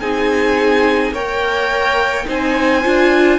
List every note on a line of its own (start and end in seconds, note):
0.00 1.11 C4
0.00 1.14 D#4
0.00 1.13 G#4
0.00 1.13 G#5
1.11 2.24 A#3
1.11 2.25 A#4
1.11 2.26 C#5
1.11 2.28 G5
2.25 2.85 C4
2.25 2.81 D#4
2.25 3.38 C5
2.25 3.38 G#5
2.83 3.38 D4
2.83 3.38 F4